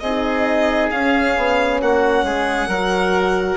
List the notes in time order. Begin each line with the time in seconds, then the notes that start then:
0.00 C4 G#4 D#5
0.06 D#4
0.91 C#4 F5
1.37 B3
1.81 A#3 F#4 F#5
2.24 G#3 G#4
2.68 F#3 F#4 A#4